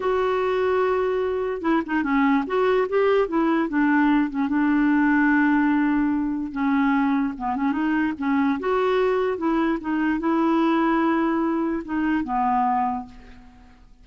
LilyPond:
\new Staff \with { instrumentName = "clarinet" } { \time 4/4 \tempo 4 = 147 fis'1 | e'8 dis'8 cis'4 fis'4 g'4 | e'4 d'4. cis'8 d'4~ | d'1 |
cis'2 b8 cis'8 dis'4 | cis'4 fis'2 e'4 | dis'4 e'2.~ | e'4 dis'4 b2 | }